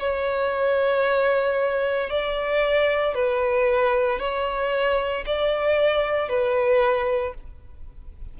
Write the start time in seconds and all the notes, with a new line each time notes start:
0.00 C#5
2.10 D5
3.14 B4
4.19 C#5
5.26 D5
6.29 B4